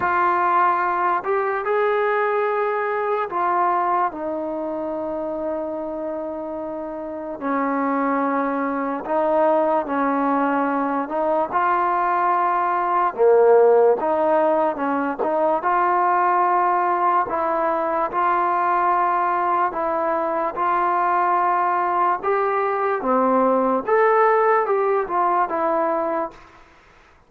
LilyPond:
\new Staff \with { instrumentName = "trombone" } { \time 4/4 \tempo 4 = 73 f'4. g'8 gis'2 | f'4 dis'2.~ | dis'4 cis'2 dis'4 | cis'4. dis'8 f'2 |
ais4 dis'4 cis'8 dis'8 f'4~ | f'4 e'4 f'2 | e'4 f'2 g'4 | c'4 a'4 g'8 f'8 e'4 | }